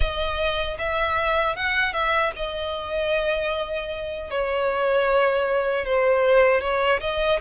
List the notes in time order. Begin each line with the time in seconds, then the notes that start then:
0.00 D#5
0.78 E5
1.55 F#5
1.93 E5
2.36 D#5
4.30 C#5
5.85 C5
6.61 C#5
7.00 D#5